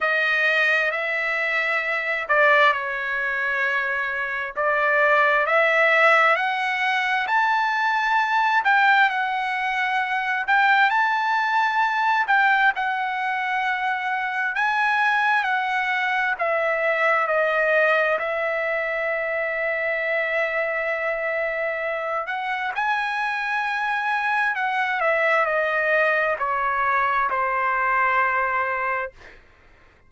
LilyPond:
\new Staff \with { instrumentName = "trumpet" } { \time 4/4 \tempo 4 = 66 dis''4 e''4. d''8 cis''4~ | cis''4 d''4 e''4 fis''4 | a''4. g''8 fis''4. g''8 | a''4. g''8 fis''2 |
gis''4 fis''4 e''4 dis''4 | e''1~ | e''8 fis''8 gis''2 fis''8 e''8 | dis''4 cis''4 c''2 | }